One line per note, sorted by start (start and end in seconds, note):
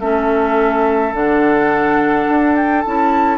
0.00 1.12 A3
0.00 1.13 C#4
0.00 3.38 A4
0.00 1.13 E5
1.12 2.26 D3
1.12 2.83 D4
1.12 2.56 F#5
2.29 2.85 D4
2.56 2.81 G5
2.81 3.38 C#4
2.81 3.38 E4
2.81 3.38 A5